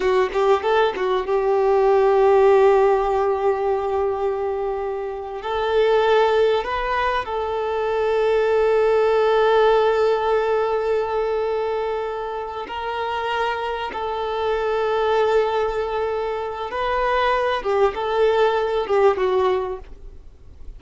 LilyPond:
\new Staff \with { instrumentName = "violin" } { \time 4/4 \tempo 4 = 97 fis'8 g'8 a'8 fis'8 g'2~ | g'1~ | g'8. a'2 b'4 a'16~ | a'1~ |
a'1~ | a'8 ais'2 a'4.~ | a'2. b'4~ | b'8 g'8 a'4. g'8 fis'4 | }